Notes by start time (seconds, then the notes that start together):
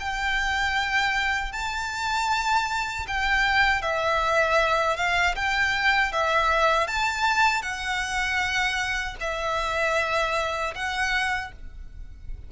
0.00 G5
1.53 A5
3.08 G5
3.82 E5
4.97 F5
5.36 G5
6.13 E5
6.88 A5
7.63 F#5
9.21 E5
10.75 F#5